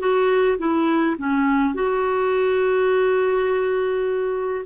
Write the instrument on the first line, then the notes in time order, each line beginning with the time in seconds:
clarinet
0.00 F#4
0.59 E4
1.18 C#4
1.75 F#4